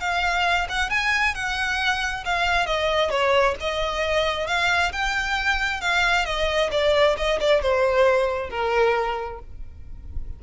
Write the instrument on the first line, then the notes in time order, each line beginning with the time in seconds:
violin
0.00 F5
0.69 F#5
0.90 G#5
1.35 F#5
2.25 F5
2.66 D#5
3.10 C#5
3.60 D#5
4.47 F5
4.92 G5
5.81 F5
6.25 D#5
6.71 D5
7.17 D#5
7.40 D5
7.62 C5
8.50 A#4